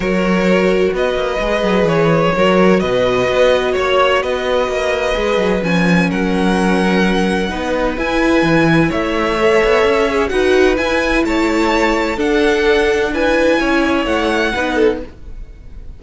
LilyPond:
<<
  \new Staff \with { instrumentName = "violin" } { \time 4/4 \tempo 4 = 128 cis''2 dis''2 | cis''2 dis''2 | cis''4 dis''2. | gis''4 fis''2.~ |
fis''4 gis''2 e''4~ | e''2 fis''4 gis''4 | a''2 fis''2 | gis''2 fis''2 | }
  \new Staff \with { instrumentName = "violin" } { \time 4/4 ais'2 b'2~ | b'4 ais'4 b'2 | cis''4 b'2.~ | b'4 ais'2. |
b'2. cis''4~ | cis''2 b'2 | cis''2 a'2 | b'4 cis''2 b'8 a'8 | }
  \new Staff \with { instrumentName = "viola" } { \time 4/4 fis'2. gis'4~ | gis'4 fis'2.~ | fis'2. gis'4 | cis'1 |
dis'4 e'2. | a'4. gis'8 fis'4 e'4~ | e'2 d'2 | e'2. dis'4 | }
  \new Staff \with { instrumentName = "cello" } { \time 4/4 fis2 b8 ais8 gis8 fis8 | e4 fis4 b,4 b4 | ais4 b4 ais4 gis8 fis8 | f4 fis2. |
b4 e'4 e4 a4~ | a8 b8 cis'4 dis'4 e'4 | a2 d'2~ | d'4 cis'4 a4 b4 | }
>>